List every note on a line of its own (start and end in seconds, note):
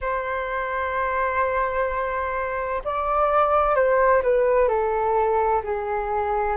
0.01 2.82 C5
2.84 3.75 D5
3.75 4.21 C5
4.22 4.68 B4
4.68 5.62 A4
5.63 6.56 G#4